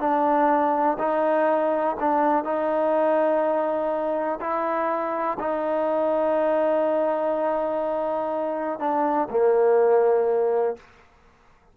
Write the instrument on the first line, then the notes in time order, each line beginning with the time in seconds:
trombone
0.00 D4
0.99 D#4
2.00 D4
2.44 D#4
4.41 E4
5.39 D#4
8.79 D4
9.30 A#3